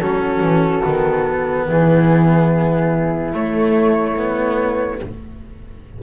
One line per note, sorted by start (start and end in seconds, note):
0.00 0.40 F#3
0.00 0.83 C#4
0.00 1.67 F#4
0.00 1.67 A4
0.40 0.82 E3
0.83 1.69 D#3
0.83 3.33 B3
1.68 3.34 E3
1.68 5.03 E4
1.68 3.35 G#4
3.34 5.00 A3
3.34 4.17 A3
3.34 5.02 C#5
4.17 5.00 B3